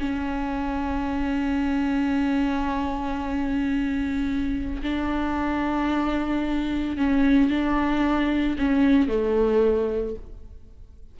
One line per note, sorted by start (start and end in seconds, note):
0.00 4.82 C#4
4.83 6.97 D4
6.97 7.50 C#4
7.50 8.57 D4
8.59 9.09 C#4
9.09 10.16 A3